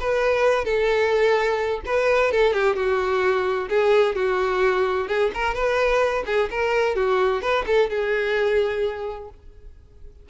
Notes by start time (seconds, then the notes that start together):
0.00 B4
0.64 A4
1.86 B4
2.31 A4
2.53 G4
2.75 F#4
3.69 G#4
4.15 F#4
5.07 G#4
5.34 A#4
5.54 B4
6.26 G#4
6.50 A#4
6.95 F#4
7.41 B4
7.66 A4
7.90 G#4